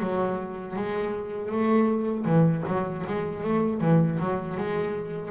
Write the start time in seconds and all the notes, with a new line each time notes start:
0.00 F#3
0.76 G#3
1.52 A3
2.25 E3
2.68 F#3
3.07 G#3
3.43 A3
3.81 E3
4.19 F#3
4.57 G#3